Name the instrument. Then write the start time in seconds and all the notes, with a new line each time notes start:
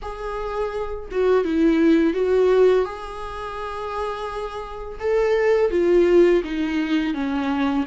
viola
0.02 G#4
1.11 F#4
1.44 E4
2.13 F#4
2.85 G#4
4.99 A4
5.70 F4
6.44 D#4
7.14 C#4